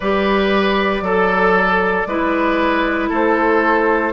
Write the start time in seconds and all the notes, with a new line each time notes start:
0.00 G3 G4 B4 D5
1.01 F#3 A4
2.06 G#3 E4 B4
3.09 A3 A4 C5